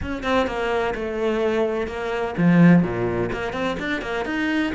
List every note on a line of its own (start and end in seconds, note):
0.02 0.23 C#4
0.23 0.46 C4
0.46 0.93 A#3
0.94 1.87 A3
1.87 2.34 A#3
2.37 2.82 F3
2.82 3.30 A#2
3.32 3.53 A#3
3.53 3.76 C4
3.79 4.01 D4
4.01 4.25 A#3
4.25 4.72 D#4